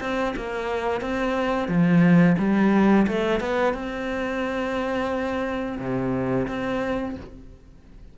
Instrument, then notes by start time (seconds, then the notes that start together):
cello
0.00 C4
0.36 A#3
1.01 C4
1.68 F3
2.38 G3
3.07 A3
3.40 B3
3.73 C4
5.79 C3
6.47 C4